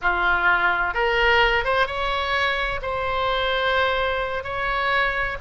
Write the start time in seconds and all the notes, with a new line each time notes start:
0.01 F4
0.94 A#4
1.64 C5
1.86 C#5
2.82 C5
4.43 C#5